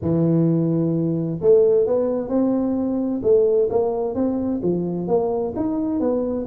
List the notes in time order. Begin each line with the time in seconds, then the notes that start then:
0.01 E3
1.41 A3
1.86 B3
2.28 C4
3.22 A3
3.69 A#3
4.14 C4
4.63 F3
5.07 A#3
5.56 D#4
5.99 B3